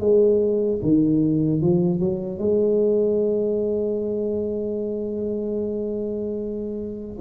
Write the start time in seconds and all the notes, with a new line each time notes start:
0.00 G#3
0.83 D#3
1.61 F3
2.00 F#3
2.39 G#3